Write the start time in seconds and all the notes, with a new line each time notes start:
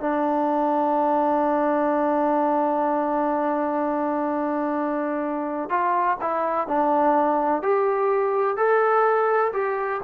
0.00 D4
5.70 F4
6.21 E4
6.68 D4
7.62 G4
8.57 A4
9.53 G4